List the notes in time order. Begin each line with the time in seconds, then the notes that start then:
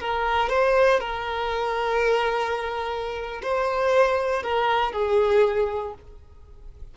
0.00 A#4
0.49 C5
1.00 A#4
3.43 C5
4.43 A#4
4.92 G#4